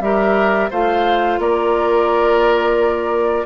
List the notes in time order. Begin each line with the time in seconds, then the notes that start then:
0.00 G3 G4 A#4 E5
0.70 A3 F4 C5 F5
1.38 A#3 A#4 D5